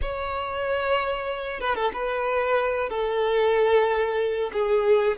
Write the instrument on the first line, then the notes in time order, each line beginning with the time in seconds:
violin
0.01 C#5
1.60 B4
1.75 A4
1.93 B4
2.89 A4
4.52 G#4